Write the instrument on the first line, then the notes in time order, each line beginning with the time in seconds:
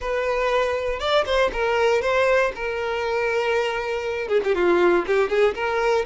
violin
0.00 B4
0.99 D5
1.25 C5
1.52 A#4
2.01 C5
2.55 A#4
4.27 G#4
4.43 G4
4.54 F4
5.06 G4
5.29 G#4
5.54 A#4